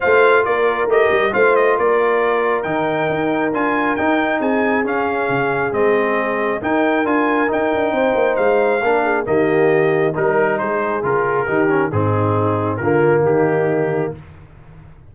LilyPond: <<
  \new Staff \with { instrumentName = "trumpet" } { \time 4/4 \tempo 4 = 136 f''4 d''4 dis''4 f''8 dis''8 | d''2 g''2 | gis''4 g''4 gis''4 f''4~ | f''4 dis''2 g''4 |
gis''4 g''2 f''4~ | f''4 dis''2 ais'4 | c''4 ais'2 gis'4~ | gis'4 ais'4 g'2 | }
  \new Staff \with { instrumentName = "horn" } { \time 4/4 c''4 ais'2 c''4 | ais'1~ | ais'2 gis'2~ | gis'2. ais'4~ |
ais'2 c''2 | ais'8 gis'8 g'2 ais'4 | gis'2 g'4 dis'4~ | dis'4 f'4 dis'2 | }
  \new Staff \with { instrumentName = "trombone" } { \time 4/4 f'2 g'4 f'4~ | f'2 dis'2 | f'4 dis'2 cis'4~ | cis'4 c'2 dis'4 |
f'4 dis'2. | d'4 ais2 dis'4~ | dis'4 f'4 dis'8 cis'8 c'4~ | c'4 ais2. | }
  \new Staff \with { instrumentName = "tuba" } { \time 4/4 a4 ais4 a8 g8 a4 | ais2 dis4 dis'4 | d'4 dis'4 c'4 cis'4 | cis4 gis2 dis'4 |
d'4 dis'8 d'8 c'8 ais8 gis4 | ais4 dis2 g4 | gis4 cis4 dis4 gis,4~ | gis,4 d4 dis2 | }
>>